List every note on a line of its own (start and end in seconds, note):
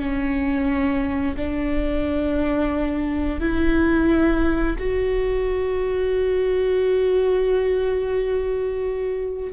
0.00 1.36 C#4
1.37 3.41 D4
3.41 4.77 E4
4.79 9.53 F#4